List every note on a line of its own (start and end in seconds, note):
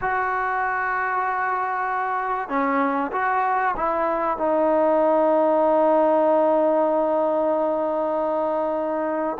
0.01 2.48 F#4
2.48 3.11 C#4
3.12 3.74 F#4
3.76 4.38 E4
4.38 9.38 D#4